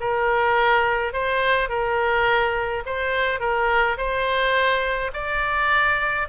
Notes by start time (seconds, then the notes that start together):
0.00 A#4
1.13 C5
1.69 A#4
2.86 C5
3.40 A#4
3.97 C5
5.13 D5